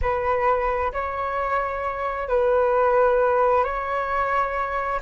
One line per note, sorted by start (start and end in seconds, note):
0.01 0.92 B4
0.92 2.28 C#5
2.28 3.64 B4
3.64 5.00 C#5